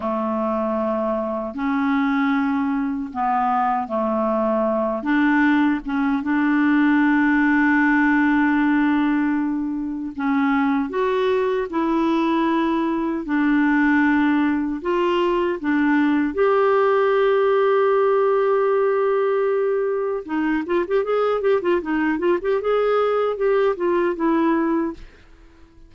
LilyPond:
\new Staff \with { instrumentName = "clarinet" } { \time 4/4 \tempo 4 = 77 a2 cis'2 | b4 a4. d'4 cis'8 | d'1~ | d'4 cis'4 fis'4 e'4~ |
e'4 d'2 f'4 | d'4 g'2.~ | g'2 dis'8 f'16 g'16 gis'8 g'16 f'16 | dis'8 f'16 g'16 gis'4 g'8 f'8 e'4 | }